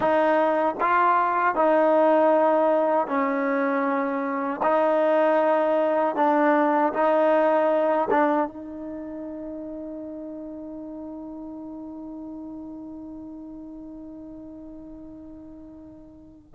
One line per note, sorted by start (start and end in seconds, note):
0.00 0.75 D#4
0.80 1.55 F4
1.55 3.07 D#4
3.07 4.60 C#4
4.62 6.15 D#4
6.15 6.92 D4
6.93 8.08 D#4
8.10 8.47 D4
8.47 16.54 D#4